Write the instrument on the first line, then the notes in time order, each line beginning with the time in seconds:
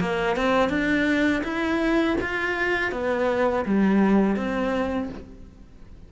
cello
0.00 A#3
0.36 C4
0.70 D4
1.44 E4
2.21 F4
2.92 B3
3.66 G3
4.36 C4